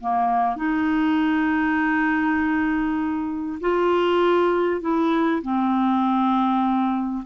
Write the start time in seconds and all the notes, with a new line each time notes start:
0.00 A#3
0.56 D#4
3.60 F4
4.81 E4
5.42 C4